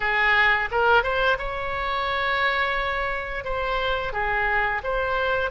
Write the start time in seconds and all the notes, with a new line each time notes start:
0.00 G#4
0.71 A#4
1.03 C5
1.38 C#5
3.44 C5
4.12 G#4
4.83 C5